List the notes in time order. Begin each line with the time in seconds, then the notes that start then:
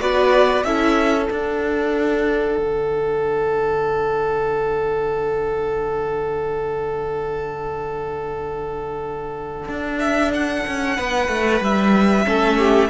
0.00 B3 F#4 B4 D5
0.63 C#4 E4 A4 E5
1.27 D4 F#5
2.57 D3
9.68 D4
9.99 E5
10.34 F#5
10.66 C#4
10.96 B3 B4
11.28 A3
11.60 G3 E5
12.25 A3 C#4 A4
12.58 G4